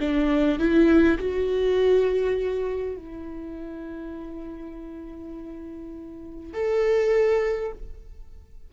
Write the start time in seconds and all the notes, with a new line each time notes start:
0.00 D4
0.59 E4
1.19 F#4
2.97 E4
6.54 A4